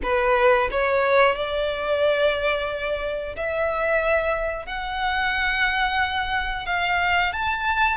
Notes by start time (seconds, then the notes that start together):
0.02 B4
0.71 C#5
1.35 D5
3.36 E5
4.65 F#5
6.65 F5
7.32 A5